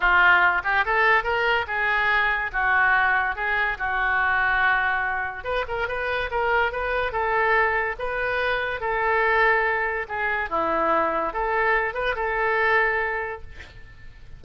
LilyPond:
\new Staff \with { instrumentName = "oboe" } { \time 4/4 \tempo 4 = 143 f'4. g'8 a'4 ais'4 | gis'2 fis'2 | gis'4 fis'2.~ | fis'4 b'8 ais'8 b'4 ais'4 |
b'4 a'2 b'4~ | b'4 a'2. | gis'4 e'2 a'4~ | a'8 b'8 a'2. | }